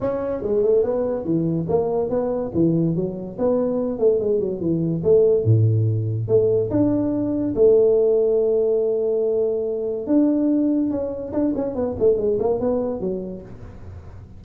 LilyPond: \new Staff \with { instrumentName = "tuba" } { \time 4/4 \tempo 4 = 143 cis'4 gis8 a8 b4 e4 | ais4 b4 e4 fis4 | b4. a8 gis8 fis8 e4 | a4 a,2 a4 |
d'2 a2~ | a1 | d'2 cis'4 d'8 cis'8 | b8 a8 gis8 ais8 b4 fis4 | }